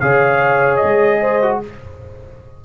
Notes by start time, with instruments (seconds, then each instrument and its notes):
0.00 tuba C#3, trombone G#4, horn C#5, trumpet F5
0.77 trumpet D#5
0.84 tuba G#3
1.21 horn C5
1.43 trombone F#4